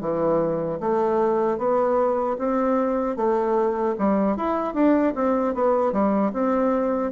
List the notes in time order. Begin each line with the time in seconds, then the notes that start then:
0.00 E3
0.80 A3
1.58 B3
2.38 C4
3.16 A3
3.98 G3
4.37 E4
4.74 D4
5.15 C4
5.54 B3
5.92 G3
6.33 C4